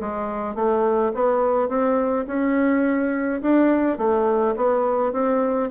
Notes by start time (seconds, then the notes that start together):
0.00 G#3
0.55 A3
1.14 B3
1.68 C4
2.27 C#4
3.42 D4
3.98 A3
4.56 B3
5.12 C4